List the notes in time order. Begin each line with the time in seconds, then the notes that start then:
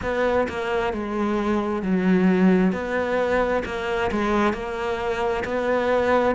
0.02 B3
0.48 A#3
0.93 G#3
1.82 F#3
2.72 B3
3.65 A#3
4.11 G#3
4.52 A#3
5.44 B3